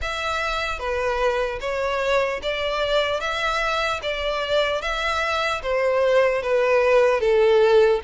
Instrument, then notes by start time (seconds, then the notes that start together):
violin
0.01 E5
0.79 B4
1.60 C#5
2.42 D5
3.20 E5
4.02 D5
4.81 E5
5.62 C5
6.42 B4
7.20 A4